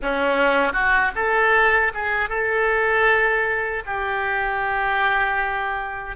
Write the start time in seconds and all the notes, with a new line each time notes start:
0.02 C#4
0.73 F#4
1.15 A4
1.94 G#4
2.29 A4
3.86 G4